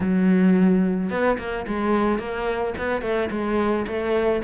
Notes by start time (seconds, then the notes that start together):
0.00 F#3
1.10 B3
1.38 A#3
1.67 G#3
2.19 A#3
2.78 B3
3.01 A3
3.30 G#3
3.87 A3